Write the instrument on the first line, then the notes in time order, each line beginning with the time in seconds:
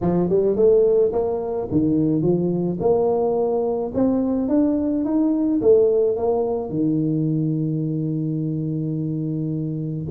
tuba
0.01 F3
0.29 G3
0.56 A3
1.12 A#3
1.71 D#3
2.21 F3
2.79 A#3
3.94 C4
4.48 D4
5.04 D#4
5.61 A3
6.16 A#3
6.69 D#3